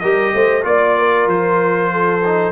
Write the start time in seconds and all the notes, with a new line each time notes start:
0.00 G3 G4 A#4 D#5
0.34 A3 C5
0.62 A#3 F4 D5
0.99 A#4
1.27 F3 C5
1.92 A4
2.25 D#4